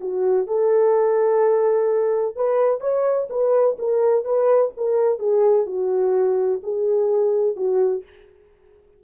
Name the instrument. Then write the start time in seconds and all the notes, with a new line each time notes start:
horn
0.00 F#4
0.47 A4
2.36 B4
2.80 C#5
3.29 B4
3.79 A#4
4.24 B4
4.77 A#4
5.19 G#4
5.66 F#4
6.63 G#4
7.56 F#4